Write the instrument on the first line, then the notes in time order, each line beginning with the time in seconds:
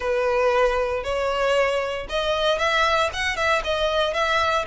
violin
0.00 B4
1.03 C#5
2.09 D#5
2.58 E5
3.13 F#5
3.36 E5
3.63 D#5
4.13 E5